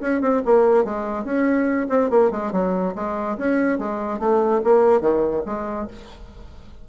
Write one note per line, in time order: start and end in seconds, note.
0.00 0.21 C#4
0.21 0.42 C4
0.45 0.84 A#3
0.84 1.24 G#3
1.24 1.87 C#4
1.89 2.09 C4
2.09 2.30 A#3
2.31 2.52 G#3
2.52 2.94 F#3
2.95 3.37 G#3
3.37 3.78 C#4
3.78 4.19 G#3
4.19 4.61 A3
4.63 5.00 A#3
5.00 5.42 D#3
5.45 5.87 G#3